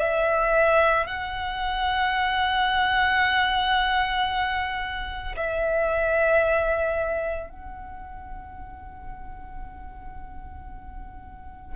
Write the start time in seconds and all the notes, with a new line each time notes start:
0.00 E5
1.07 F#5
5.37 E5
7.50 F#5